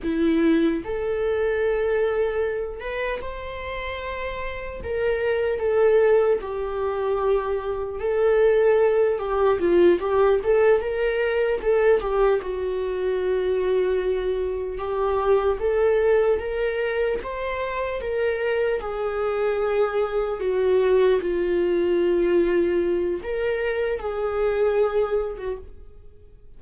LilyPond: \new Staff \with { instrumentName = "viola" } { \time 4/4 \tempo 4 = 75 e'4 a'2~ a'8 b'8 | c''2 ais'4 a'4 | g'2 a'4. g'8 | f'8 g'8 a'8 ais'4 a'8 g'8 fis'8~ |
fis'2~ fis'8 g'4 a'8~ | a'8 ais'4 c''4 ais'4 gis'8~ | gis'4. fis'4 f'4.~ | f'4 ais'4 gis'4.~ gis'16 fis'16 | }